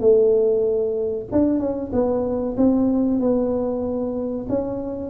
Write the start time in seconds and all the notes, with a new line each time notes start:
0.00 A3
1.32 D4
1.59 C#4
1.93 B3
2.57 C4
3.20 B3
4.49 C#4